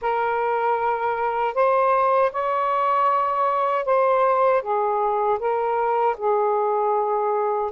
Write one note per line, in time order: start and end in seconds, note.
0.01 1.54 A#4
1.54 2.31 C5
2.31 3.85 C#5
3.85 4.62 C5
4.62 5.38 G#4
5.39 6.16 A#4
6.17 7.71 G#4